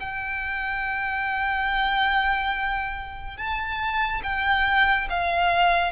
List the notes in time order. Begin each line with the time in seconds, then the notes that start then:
0.00 G5
3.37 A5
4.23 G5
5.10 F5